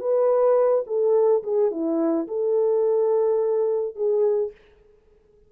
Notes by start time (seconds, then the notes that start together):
0.00 B4
0.87 A4
1.43 G#4
1.71 E4
2.28 A4
3.95 G#4